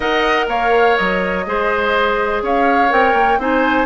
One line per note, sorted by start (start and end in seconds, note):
0.00 0.47 D#4
0.00 1.44 A#4
0.00 0.45 D#5
0.00 0.47 F#5
0.47 0.95 A#3
0.47 1.45 C#5
0.47 0.97 F5
0.97 1.46 F#3
0.97 2.42 D#5
1.46 2.42 G#3
1.46 2.89 G#4
1.46 2.43 C5
2.42 2.90 C#4
2.42 3.39 C#5
2.42 2.92 F5
2.89 3.13 C4
2.89 3.38 A#4
2.89 3.40 G5
3.13 3.37 A#3
3.37 3.86 C4
3.37 3.86 D#4
3.37 3.86 C5
3.37 3.86 G#5